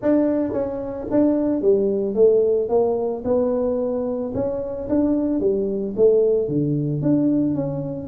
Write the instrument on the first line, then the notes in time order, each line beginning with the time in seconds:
tuba
0.02 D4
0.52 C#4
1.11 D4
1.61 G3
2.14 A3
2.69 A#3
3.24 B3
4.34 C#4
4.89 D4
5.40 G3
5.96 A3
6.48 D3
7.01 D4
7.54 C#4